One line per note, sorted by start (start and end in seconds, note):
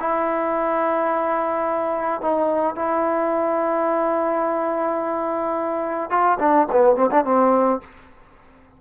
0.00 2.22 E4
2.22 2.76 D#4
2.76 6.10 E4
6.10 6.38 F4
6.40 6.68 D4
6.72 6.96 B3
6.96 7.10 C4
7.12 7.25 D4
7.25 7.81 C4